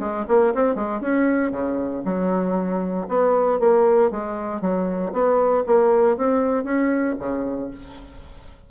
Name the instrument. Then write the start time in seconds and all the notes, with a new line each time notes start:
bassoon
0.00 G#3
0.28 A#3
0.55 C4
0.76 G#3
1.01 C#4
1.52 C#3
2.05 F#3
3.09 B3
3.60 A#3
4.11 G#3
4.62 F#3
5.13 B3
5.67 A#3
6.17 C4
6.64 C#4
7.19 C#3